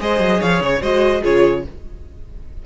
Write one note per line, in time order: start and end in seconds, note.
0.00 0.20 G#3
0.00 0.82 G#4
0.00 0.40 C5
0.00 0.42 D#5
0.20 0.41 F#3
0.40 0.61 F3
0.40 0.81 C#5
0.40 0.62 F5
0.61 0.81 C#3
0.61 0.83 C#5
0.82 1.23 G#3
0.82 1.23 F#4
0.82 1.22 C5
0.82 1.24 D#5
1.22 1.66 C#3
1.22 1.64 F4
1.22 1.63 G#4
1.22 1.66 C#5